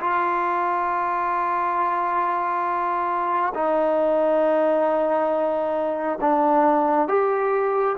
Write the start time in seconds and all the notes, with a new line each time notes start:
0.00 F4
3.54 D#4
6.21 D4
7.07 G4